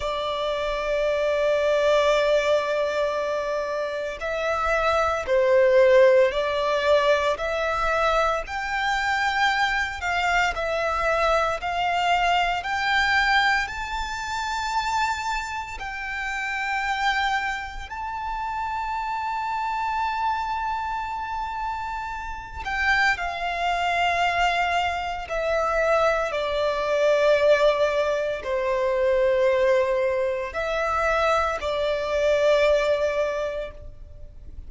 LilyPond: \new Staff \with { instrumentName = "violin" } { \time 4/4 \tempo 4 = 57 d''1 | e''4 c''4 d''4 e''4 | g''4. f''8 e''4 f''4 | g''4 a''2 g''4~ |
g''4 a''2.~ | a''4. g''8 f''2 | e''4 d''2 c''4~ | c''4 e''4 d''2 | }